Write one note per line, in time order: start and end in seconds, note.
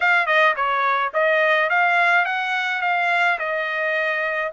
0.00 0.26 F5
0.26 0.54 D#5
0.56 1.12 C#5
1.13 1.69 D#5
1.69 2.25 F5
2.25 2.81 F#5
2.81 3.38 F5
3.38 4.52 D#5